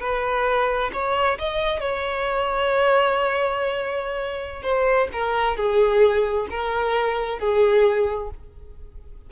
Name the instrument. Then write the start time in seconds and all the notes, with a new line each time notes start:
violin
0.00 B4
0.93 C#5
1.38 D#5
1.80 C#5
4.62 C5
5.12 A#4
5.56 G#4
6.50 A#4
7.39 G#4